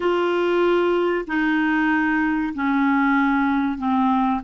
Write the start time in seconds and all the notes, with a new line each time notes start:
0.00 F4
1.27 D#4
2.54 C#4
3.78 C4